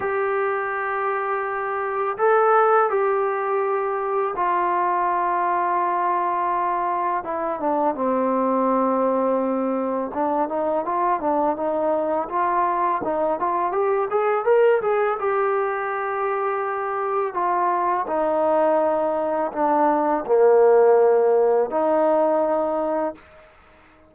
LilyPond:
\new Staff \with { instrumentName = "trombone" } { \time 4/4 \tempo 4 = 83 g'2. a'4 | g'2 f'2~ | f'2 e'8 d'8 c'4~ | c'2 d'8 dis'8 f'8 d'8 |
dis'4 f'4 dis'8 f'8 g'8 gis'8 | ais'8 gis'8 g'2. | f'4 dis'2 d'4 | ais2 dis'2 | }